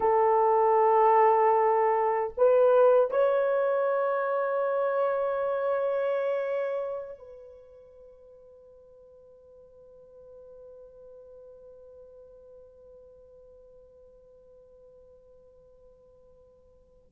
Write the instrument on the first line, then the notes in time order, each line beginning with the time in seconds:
horn
0.00 A4
2.37 B4
3.10 C#5
7.18 B4